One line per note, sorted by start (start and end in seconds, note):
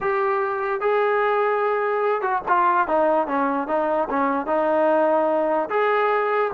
0.01 0.81 G4
0.81 2.21 G#4
2.21 2.41 F#4
2.48 2.87 F4
2.87 3.27 D#4
3.27 3.67 C#4
3.67 4.08 D#4
4.09 4.46 C#4
4.46 5.69 D#4
5.69 6.51 G#4